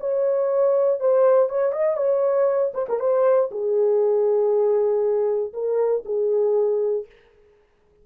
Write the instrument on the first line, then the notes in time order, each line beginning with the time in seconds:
horn
0.00 C#5
1.00 C5
1.49 C#5
1.73 D#5
1.97 C#5
2.74 C5
2.89 A#4
3.00 C5
3.51 G#4
5.53 A#4
6.05 G#4